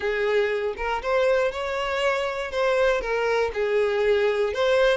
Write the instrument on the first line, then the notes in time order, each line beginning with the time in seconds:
violin
0.00 G#4
0.76 A#4
1.02 C5
1.51 C#5
2.51 C5
3.01 A#4
3.53 G#4
4.53 C5